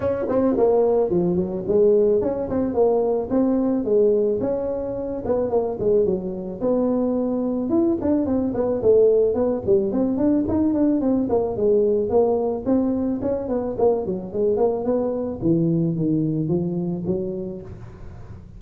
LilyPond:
\new Staff \with { instrumentName = "tuba" } { \time 4/4 \tempo 4 = 109 cis'8 c'8 ais4 f8 fis8 gis4 | cis'8 c'8 ais4 c'4 gis4 | cis'4. b8 ais8 gis8 fis4 | b2 e'8 d'8 c'8 b8 |
a4 b8 g8 c'8 d'8 dis'8 d'8 | c'8 ais8 gis4 ais4 c'4 | cis'8 b8 ais8 fis8 gis8 ais8 b4 | e4 dis4 f4 fis4 | }